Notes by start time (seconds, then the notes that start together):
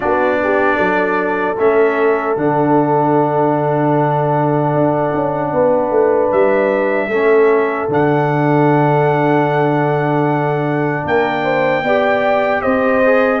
0.00 B3 D4 F#4 D5
0.43 G4
0.75 F#3 A4
1.58 A3 C#4 E5
2.37 D3 D4 F#5
4.73 D4
5.13 C#4
5.51 B3 B4
5.90 A3
6.31 G3 E5
7.08 A3 C#4 A4
7.88 D3 D4 F#5
11.04 A#3 A#4 G5
11.43 C5
11.83 B3 G4 D5
12.61 C4 C5 D#5
13.04 G#4